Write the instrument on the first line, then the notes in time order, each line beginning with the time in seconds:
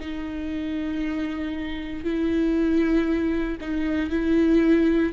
viola
0.00 D#4
2.04 E4
3.61 D#4
4.10 E4